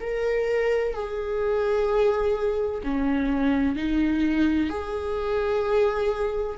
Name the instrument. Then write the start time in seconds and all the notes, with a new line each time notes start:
viola
0.00 A#4
0.94 G#4
2.83 C#4
3.75 D#4
4.69 G#4